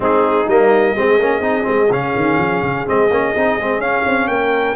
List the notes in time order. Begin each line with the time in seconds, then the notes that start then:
0.00 G#3 C4 D#4 G#4
0.46 G3 A#3 D#5
0.96 G#3 C4 G#4
1.18 A#3 C#4
1.40 C4 D#4
1.63 G#3 C4
1.90 C#3 C#4 F5
2.16 D#3
2.38 F3
2.62 C#3
2.86 G#3 C4 D#5
3.10 A#3 C#4
3.36 C4 D#4
3.58 G#3 C4
3.78 C#4 F5
4.05 C4
4.27 A#3 A#4 G5